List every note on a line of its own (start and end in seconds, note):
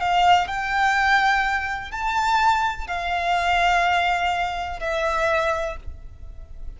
0.00 0.47 F5
0.47 1.91 G5
1.91 2.87 A5
2.87 4.79 F5
4.79 5.76 E5